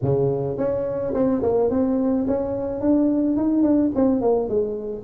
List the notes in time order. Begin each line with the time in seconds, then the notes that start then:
0.02 C#3
0.57 C#4
1.14 C4
1.42 A#3
1.70 C4
2.27 C#4
2.80 D4
3.36 D#4
3.62 D4
3.95 C4
4.21 A#3
4.48 G#3